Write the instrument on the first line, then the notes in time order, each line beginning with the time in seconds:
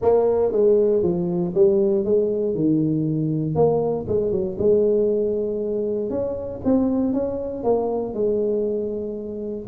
tuba
0.01 A#3
0.52 G#3
1.03 F3
1.54 G3
2.04 G#3
2.54 D#3
3.55 A#3
4.07 G#3
4.31 F#3
4.58 G#3
6.10 C#4
6.64 C4
7.13 C#4
7.63 A#3
8.14 G#3